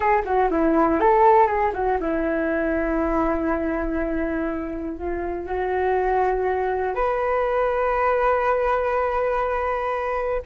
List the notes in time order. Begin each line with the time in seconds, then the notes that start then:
0.00 G#4
0.24 F#4
0.50 E4
1.00 A4
1.46 G#4
1.73 F#4
2.00 E4
4.97 F4
5.46 F#4
6.94 B4